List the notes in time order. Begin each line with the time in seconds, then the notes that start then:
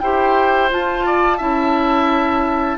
0.00 E4 G4 C5 G5
0.70 F4 A5
1.06 D5
1.38 C#4 E4 E5